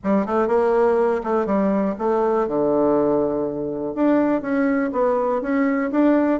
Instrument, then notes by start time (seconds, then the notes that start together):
bassoon
0.03 G3
0.26 A3
0.47 A#3
1.23 A3
1.46 G3
1.98 A3
2.47 D3
3.95 D4
4.42 C#4
4.92 B3
5.41 C#4
5.91 D4